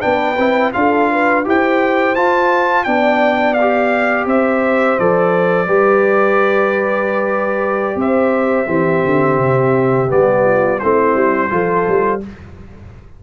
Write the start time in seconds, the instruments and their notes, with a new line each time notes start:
0.00 tuba B3, trombone D4, horn B4, trumpet G5
0.37 tuba C4, trombone E4
0.73 tuba D4, trombone F4, horn A4, trumpet F5
1.11 horn B4
1.44 tuba E4, trombone G4, horn C5, trumpet G5
2.15 trombone F4, tuba F4, trumpet A5
2.84 tuba B3, trombone D4, horn D5, trumpet G5
3.54 trumpet F5
3.61 trombone G4
4.26 tuba C4, horn C5, trumpet E5
4.99 tuba F3, trombone A4, trumpet D5
5.66 tuba G3, trombone G4, horn B4
7.95 tuba C4, horn C5, trumpet E5
8.67 tuba E3, trombone C4, horn G4
9.05 tuba D3
9.38 tuba C3
10.08 tuba G3, trombone B3, trumpet D5
10.44 horn F4
10.79 tuba A3, trombone C4, horn E4, trumpet C5
11.14 tuba G3
11.49 tuba F3, trombone F4, horn A4
11.88 tuba G3